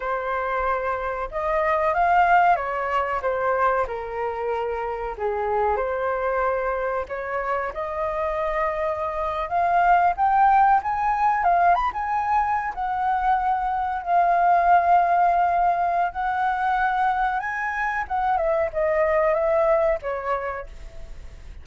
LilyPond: \new Staff \with { instrumentName = "flute" } { \time 4/4 \tempo 4 = 93 c''2 dis''4 f''4 | cis''4 c''4 ais'2 | gis'4 c''2 cis''4 | dis''2~ dis''8. f''4 g''16~ |
g''8. gis''4 f''8 b''16 gis''4~ gis''16 fis''16~ | fis''4.~ fis''16 f''2~ f''16~ | f''4 fis''2 gis''4 | fis''8 e''8 dis''4 e''4 cis''4 | }